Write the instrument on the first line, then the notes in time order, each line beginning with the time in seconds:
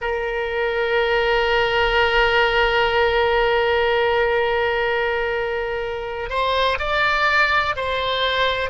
oboe
0.00 A#4
6.29 C5
6.78 D5
7.76 C5